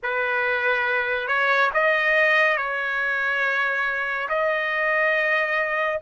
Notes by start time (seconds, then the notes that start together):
0.02 B4
1.27 C#5
1.73 D#5
2.56 C#5
4.28 D#5